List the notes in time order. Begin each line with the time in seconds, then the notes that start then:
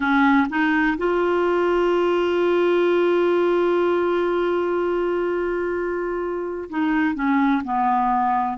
0.00 C#4
0.49 D#4
0.97 F4
6.69 D#4
7.14 C#4
7.64 B3